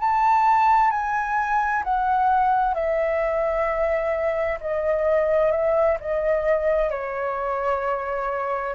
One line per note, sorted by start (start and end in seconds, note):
0.00 0.91 A5
0.91 1.83 G#5
1.84 2.74 F#5
2.74 4.59 E5
4.61 5.52 D#5
5.52 5.98 E5
6.00 6.91 D#5
6.91 8.75 C#5